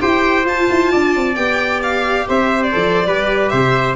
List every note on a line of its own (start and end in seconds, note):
0.00 0.46 E4
0.00 0.45 G4
0.00 0.92 C5
0.00 0.46 G5
0.45 1.35 F4
0.45 0.68 F4
0.45 1.35 A5
0.70 0.93 E4
0.92 1.17 D4
0.92 2.28 D5
1.17 1.37 C4
1.35 2.27 B3
1.35 2.72 G4
1.35 1.80 G5
1.83 2.28 F5
2.29 2.75 C4
2.29 3.07 C5
2.29 2.63 E5
2.63 3.49 D5
2.72 3.07 F3
2.72 3.06 A4
3.07 3.52 G3
3.07 3.96 G4
3.07 3.52 B4
3.49 3.96 C3
3.49 3.96 C5
3.49 3.95 E5